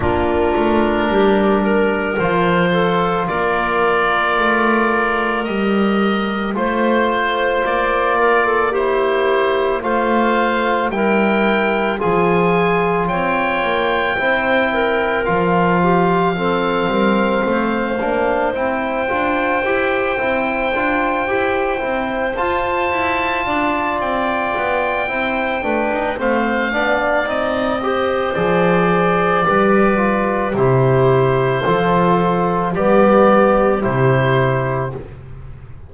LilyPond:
<<
  \new Staff \with { instrumentName = "oboe" } { \time 4/4 \tempo 4 = 55 ais'2 c''4 d''4~ | d''4 dis''4 c''4 d''4 | c''4 f''4 g''4 gis''4 | g''2 f''2~ |
f''4 g''2.~ | g''8 a''4. g''2 | f''4 dis''4 d''2 | c''2 d''4 c''4 | }
  \new Staff \with { instrumentName = "clarinet" } { \time 4/4 f'4 g'8 ais'4 a'8 ais'4~ | ais'2 c''4. ais'16 a'16 | g'4 c''4 ais'4 gis'4 | cis''4 c''8 ais'4 g'8 a'8 ais'8 |
c''1~ | c''4. d''4. c''8 b'8 | c''8 d''4 c''4. b'4 | g'4 a'4 g'2 | }
  \new Staff \with { instrumentName = "trombone" } { \time 4/4 d'2 f'2~ | f'4 g'4 f'2 | e'4 f'4 e'4 f'4~ | f'4 e'4 f'4 c'4~ |
c'8 d'8 e'8 f'8 g'8 e'8 f'8 g'8 | e'8 f'2~ f'8 e'8 d'8 | c'8 d'8 dis'8 g'8 gis'4 g'8 f'8 | e'4 f'4 b4 e'4 | }
  \new Staff \with { instrumentName = "double bass" } { \time 4/4 ais8 a8 g4 f4 ais4 | a4 g4 a4 ais4~ | ais4 a4 g4 f4 | c'8 ais8 c'4 f4. g8 |
a8 ais8 c'8 d'8 e'8 c'8 d'8 e'8 | c'8 f'8 e'8 d'8 c'8 b8 c'8 a16 dis'16 | a8 b8 c'4 f4 g4 | c4 f4 g4 c4 | }
>>